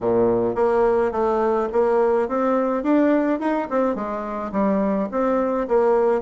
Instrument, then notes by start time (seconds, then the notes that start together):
bassoon
0.01 A#2
0.55 A#3
1.11 A3
1.72 A#3
2.28 C4
2.83 D4
3.39 D#4
3.70 C4
3.95 G#3
4.52 G3
5.11 C4
5.68 A#3